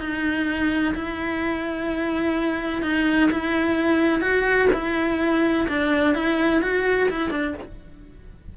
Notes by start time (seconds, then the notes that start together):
0.00 D#4
0.94 E4
2.82 D#4
3.31 E4
4.21 F#4
4.73 E4
5.68 D4
6.15 E4
6.62 F#4
7.10 E4
7.31 D4